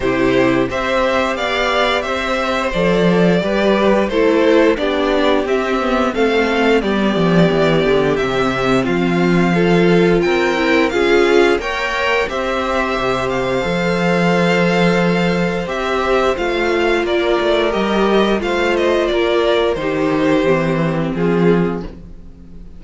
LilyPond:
<<
  \new Staff \with { instrumentName = "violin" } { \time 4/4 \tempo 4 = 88 c''4 e''4 f''4 e''4 | d''2 c''4 d''4 | e''4 f''4 d''2 | e''4 f''2 g''4 |
f''4 g''4 e''4. f''8~ | f''2. e''4 | f''4 d''4 dis''4 f''8 dis''8 | d''4 c''2 gis'4 | }
  \new Staff \with { instrumentName = "violin" } { \time 4/4 g'4 c''4 d''4 c''4~ | c''4 b'4 a'4 g'4~ | g'4 a'4 g'2~ | g'4 f'4 a'4 ais'4 |
gis'4 cis''4 c''2~ | c''1~ | c''4 ais'2 c''4 | ais'4 g'2 f'4 | }
  \new Staff \with { instrumentName = "viola" } { \time 4/4 e'4 g'2. | a'4 g'4 e'4 d'4 | c'8 b8 c'4 b2 | c'2 f'4. e'8 |
f'4 ais'4 g'2 | a'2. g'4 | f'2 g'4 f'4~ | f'4 dis'4 c'2 | }
  \new Staff \with { instrumentName = "cello" } { \time 4/4 c4 c'4 b4 c'4 | f4 g4 a4 b4 | c'4 a4 g8 f8 e8 d8 | c4 f2 c'4 |
cis'4 ais4 c'4 c4 | f2. c'4 | a4 ais8 a8 g4 a4 | ais4 dis4 e4 f4 | }
>>